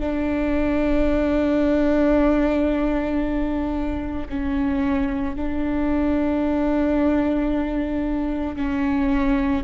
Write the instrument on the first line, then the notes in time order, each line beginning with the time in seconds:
viola
0.00 D4
4.30 C#4
5.36 D4
8.57 C#4